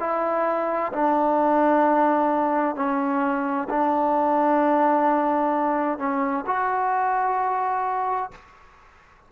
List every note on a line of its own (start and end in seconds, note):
0.00 0.92 E4
0.93 2.76 D4
2.76 3.68 C#4
3.70 5.99 D4
5.99 6.45 C#4
6.47 8.32 F#4